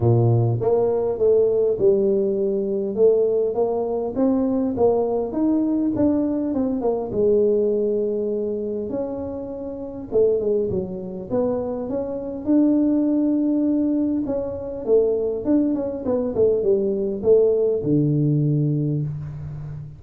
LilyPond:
\new Staff \with { instrumentName = "tuba" } { \time 4/4 \tempo 4 = 101 ais,4 ais4 a4 g4~ | g4 a4 ais4 c'4 | ais4 dis'4 d'4 c'8 ais8 | gis2. cis'4~ |
cis'4 a8 gis8 fis4 b4 | cis'4 d'2. | cis'4 a4 d'8 cis'8 b8 a8 | g4 a4 d2 | }